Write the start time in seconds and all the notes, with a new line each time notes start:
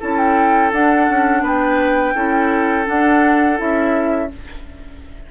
0.00 C#4 E4 A4 A5
0.17 G5
0.72 D4 F#5
1.09 C#4
1.42 B3 B4 G5
2.15 C#4 E4 A4
2.85 D4 F#5
3.57 C#4 E4 E5